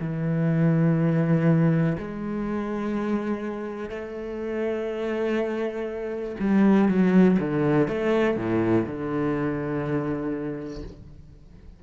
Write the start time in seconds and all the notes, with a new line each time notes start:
0.00 E3
1.98 G#3
3.89 A3
6.39 G3
6.88 F#3
7.39 D3
7.88 A3
8.36 A2
8.86 D3